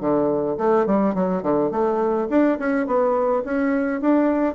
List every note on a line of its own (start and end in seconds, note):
0.00 0.57 D3
0.57 0.86 A3
0.86 1.15 G3
1.15 1.42 F#3
1.42 1.71 D3
1.71 2.28 A3
2.29 2.58 D4
2.59 2.86 C#4
2.86 3.43 B3
3.44 4.01 C#4
4.01 4.55 D4